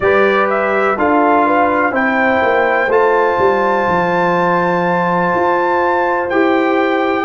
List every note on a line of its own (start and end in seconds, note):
0.00 0.96 G3
0.00 0.97 G4
0.00 0.98 B4
0.00 0.47 D5
0.49 0.98 E5
0.97 1.91 D4
0.97 1.91 F4
0.97 1.46 A4
0.97 1.94 F5
1.46 1.92 B4
1.91 2.40 C4
1.91 2.88 E4
1.91 7.24 C5
1.91 2.91 G5
2.42 2.87 A#3
2.87 3.35 A3
2.87 6.29 F4
2.87 6.29 A5
3.38 3.86 G3
3.87 5.33 F3
5.34 6.31 F4
6.29 7.25 E4
6.29 7.25 G4
6.29 7.25 G5